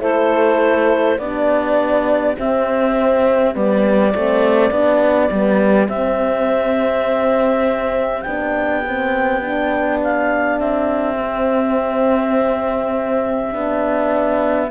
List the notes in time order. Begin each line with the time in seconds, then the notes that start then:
0.00 A3 E4 A4 C5
1.17 B3 D4 G4 D5
2.37 C4 E5
3.54 G3 B3 D5
4.15 A3 C4
4.71 B3 D4
5.31 G3 B3
5.88 C4 E5
8.21 B3 D4 G5
8.87 C4
9.41 D4
10.03 F5
10.59 C4 E5
11.20 C4
13.51 B3 D4